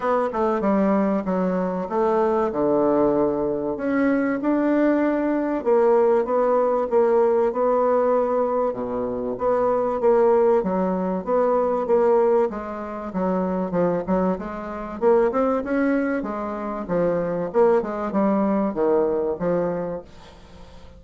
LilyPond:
\new Staff \with { instrumentName = "bassoon" } { \time 4/4 \tempo 4 = 96 b8 a8 g4 fis4 a4 | d2 cis'4 d'4~ | d'4 ais4 b4 ais4 | b2 b,4 b4 |
ais4 fis4 b4 ais4 | gis4 fis4 f8 fis8 gis4 | ais8 c'8 cis'4 gis4 f4 | ais8 gis8 g4 dis4 f4 | }